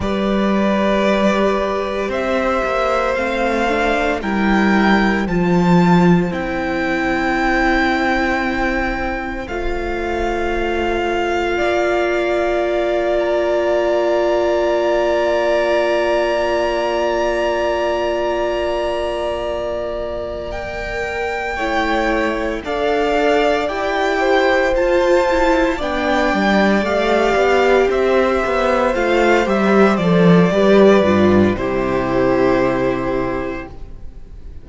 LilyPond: <<
  \new Staff \with { instrumentName = "violin" } { \time 4/4 \tempo 4 = 57 d''2 e''4 f''4 | g''4 a''4 g''2~ | g''4 f''2.~ | f''8 ais''2.~ ais''8~ |
ais''2.~ ais''8 g''8~ | g''4. f''4 g''4 a''8~ | a''8 g''4 f''4 e''4 f''8 | e''8 d''4. c''2 | }
  \new Staff \with { instrumentName = "violin" } { \time 4/4 b'2 c''2 | ais'4 c''2.~ | c''2. d''4~ | d''1~ |
d''1~ | d''8 cis''4 d''4. c''4~ | c''8 d''2 c''4.~ | c''4 b'4 g'2 | }
  \new Staff \with { instrumentName = "viola" } { \time 4/4 g'2. c'8 d'8 | e'4 f'4 e'2~ | e'4 f'2.~ | f'1~ |
f'2.~ f'8 ais'8~ | ais'8 e'4 a'4 g'4 f'8 | e'8 d'4 g'2 f'8 | g'8 a'8 g'8 f'8 e'2 | }
  \new Staff \with { instrumentName = "cello" } { \time 4/4 g2 c'8 ais8 a4 | g4 f4 c'2~ | c'4 a2 ais4~ | ais1~ |
ais1~ | ais8 a4 d'4 e'4 f'8~ | f'8 b8 g8 a8 b8 c'8 b8 a8 | g8 f8 g8 g,8 c2 | }
>>